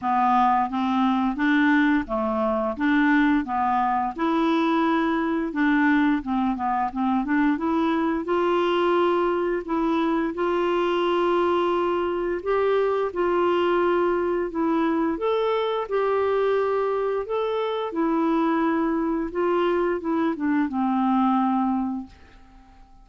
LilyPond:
\new Staff \with { instrumentName = "clarinet" } { \time 4/4 \tempo 4 = 87 b4 c'4 d'4 a4 | d'4 b4 e'2 | d'4 c'8 b8 c'8 d'8 e'4 | f'2 e'4 f'4~ |
f'2 g'4 f'4~ | f'4 e'4 a'4 g'4~ | g'4 a'4 e'2 | f'4 e'8 d'8 c'2 | }